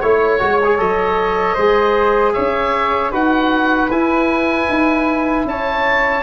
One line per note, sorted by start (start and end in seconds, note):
0.00 0.42 A3
0.00 0.40 E4
0.00 0.78 C#5
0.00 1.55 C#5
0.40 0.79 G#3
0.40 0.59 F#4
0.65 0.78 G#4
0.78 1.57 F#3
0.78 1.56 A4
0.78 2.33 D#5
1.55 2.36 G#3
1.55 3.12 G#4
1.55 2.33 C5
2.33 3.13 C#4
2.33 3.12 C#5
2.33 3.11 E5
3.12 3.91 D#4
3.12 3.90 F#4
3.12 5.45 B4
3.12 3.91 F#5
3.91 4.69 E4
3.91 6.23 E4
3.91 5.47 G#5
4.69 5.45 D#4
5.45 6.23 C#4
5.45 6.23 C#5
5.45 6.23 A5